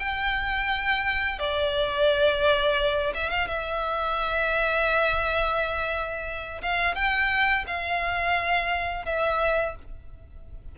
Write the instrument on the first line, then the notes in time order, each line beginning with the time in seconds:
violin
0.00 G5
1.40 D5
3.15 E5
3.31 F5
3.48 E5
6.62 F5
6.95 G5
7.67 F5
9.06 E5